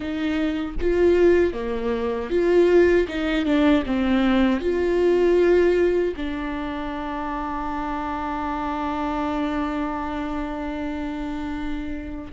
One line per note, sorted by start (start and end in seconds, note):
0.00 0.74 D#4
0.80 1.53 F4
1.53 2.29 A#3
2.29 3.06 F4
3.08 3.45 D#4
3.45 3.83 D4
3.86 4.60 C4
4.60 6.14 F4
6.16 12.31 D4